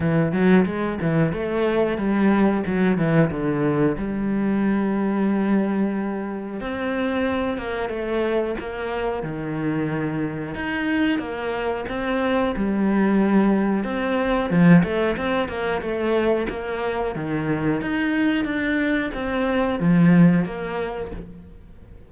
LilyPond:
\new Staff \with { instrumentName = "cello" } { \time 4/4 \tempo 4 = 91 e8 fis8 gis8 e8 a4 g4 | fis8 e8 d4 g2~ | g2 c'4. ais8 | a4 ais4 dis2 |
dis'4 ais4 c'4 g4~ | g4 c'4 f8 a8 c'8 ais8 | a4 ais4 dis4 dis'4 | d'4 c'4 f4 ais4 | }